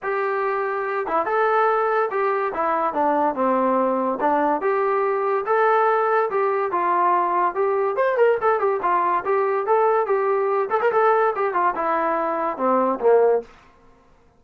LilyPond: \new Staff \with { instrumentName = "trombone" } { \time 4/4 \tempo 4 = 143 g'2~ g'8 e'8 a'4~ | a'4 g'4 e'4 d'4 | c'2 d'4 g'4~ | g'4 a'2 g'4 |
f'2 g'4 c''8 ais'8 | a'8 g'8 f'4 g'4 a'4 | g'4. a'16 ais'16 a'4 g'8 f'8 | e'2 c'4 ais4 | }